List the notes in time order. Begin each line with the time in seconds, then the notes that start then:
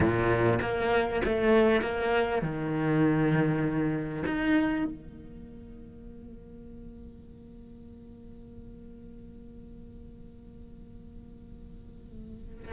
0.00 A#2
0.61 A#3
1.24 A3
1.81 A#3
2.41 D#3
4.26 D#4
4.84 A#3